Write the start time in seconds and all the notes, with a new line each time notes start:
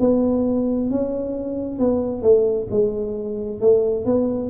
0.00 B3
0.90 C#4
1.79 B3
2.22 A3
2.71 G#3
3.61 A3
4.06 B3